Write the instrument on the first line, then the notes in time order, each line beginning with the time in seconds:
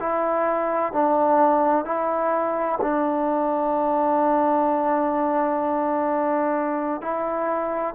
trombone
0.00 E4
0.93 D4
1.85 E4
2.82 D4
7.01 E4